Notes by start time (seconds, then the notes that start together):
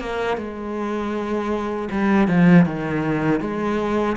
0.00 A#3
0.37 G#3
1.91 G3
2.28 F3
2.66 D#3
3.41 G#3